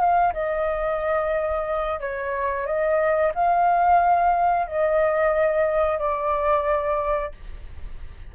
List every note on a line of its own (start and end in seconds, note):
0.00 0.33 F5
0.34 2.00 D#5
2.01 2.66 C#5
2.66 3.33 D#5
3.35 4.67 F5
4.67 5.99 D#5
5.99 7.32 D5